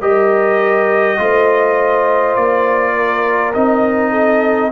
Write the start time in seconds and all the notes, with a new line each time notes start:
0.00 G3 G4 A#4 D#5
1.18 A3 F4 C5
2.35 A#3 D5
2.95 A#4
3.53 C4 D#4 D#5
4.11 A4